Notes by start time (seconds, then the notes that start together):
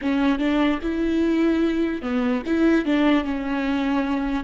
0.01 C#4
0.38 D4
0.81 E4
2.02 B3
2.46 E4
2.85 D4
3.24 C#4